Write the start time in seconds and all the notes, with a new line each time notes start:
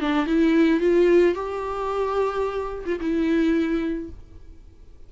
0.00 D4
0.26 E4
0.80 F4
1.35 G4
2.86 F4
3.00 E4